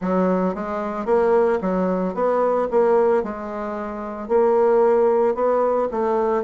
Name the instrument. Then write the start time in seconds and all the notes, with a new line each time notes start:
bassoon
0.01 F#3
0.55 G#3
1.05 A#3
1.61 F#3
2.14 B3
2.70 A#3
3.23 G#3
4.28 A#3
5.35 B3
5.91 A3